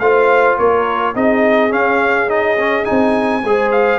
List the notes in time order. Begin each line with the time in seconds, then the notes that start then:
0.00 A3 F4 C5 F5
0.58 A#3 A#4 C#5
1.15 C4 D#4 G#4 D#5
1.70 C#4 F5
2.28 D#4 D#5
2.59 C#4
2.85 C4 D#4 G#5
3.44 G#3 G#4 C5
3.72 F5